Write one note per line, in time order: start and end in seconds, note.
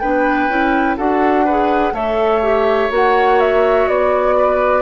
0.00 0.49 B3
0.00 0.50 D4
0.00 0.97 B4
0.00 0.97 G5
0.49 0.97 C#4
0.49 0.98 E4
0.97 1.93 D4
0.97 1.46 F#4
0.97 1.45 A4
0.97 1.95 F#5
1.45 1.94 G#4
1.45 1.94 B4
1.93 2.89 A3
1.93 2.42 A4
1.93 4.36 C#5
1.93 2.91 E5
2.43 2.91 G4
2.91 3.87 A#3
2.91 4.82 F#4
2.91 3.41 F#5
3.41 3.89 E5
3.88 4.82 B3
3.88 4.82 D5
4.37 4.82 B4